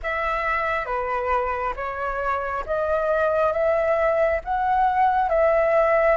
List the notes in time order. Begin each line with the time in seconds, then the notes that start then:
0.02 E5
0.85 B4
1.76 C#5
2.66 D#5
3.52 E5
4.44 F#5
5.29 E5